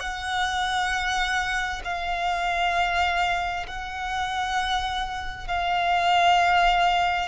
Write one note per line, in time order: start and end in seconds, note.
0.00 1.82 F#5
1.85 3.67 F5
3.68 5.48 F#5
5.48 7.29 F5